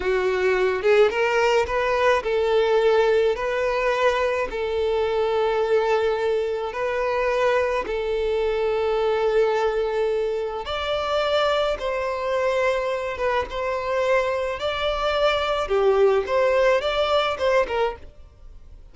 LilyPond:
\new Staff \with { instrumentName = "violin" } { \time 4/4 \tempo 4 = 107 fis'4. gis'8 ais'4 b'4 | a'2 b'2 | a'1 | b'2 a'2~ |
a'2. d''4~ | d''4 c''2~ c''8 b'8 | c''2 d''2 | g'4 c''4 d''4 c''8 ais'8 | }